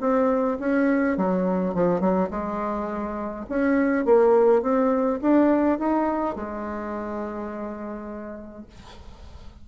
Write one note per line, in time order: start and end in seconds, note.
0.00 0.58 C4
0.59 1.17 C#4
1.17 1.74 F#3
1.74 2.00 F3
2.00 2.29 F#3
2.30 3.45 G#3
3.49 4.05 C#4
4.05 4.62 A#3
4.62 5.19 C4
5.21 5.78 D4
5.78 6.35 D#4
6.35 8.66 G#3